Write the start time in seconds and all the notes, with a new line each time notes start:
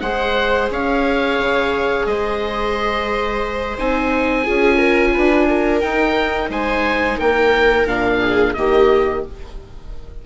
0.00 G#3 G#4 C5 F#5
0.70 C#4 C#5 F5
1.38 C#3
2.06 G#3 C5 D#5
3.78 C4 D#4 G#5
4.43 C#4 F4 G#4
4.77 A#4
5.13 D4 B4
5.48 A#4
5.80 D#4 G5
6.49 G#3 C5 G#5
7.17 A#3 A#4 G5
7.85 A#2 D4 F5
8.20 G#4
8.53 D#3 A#3 G4 D#5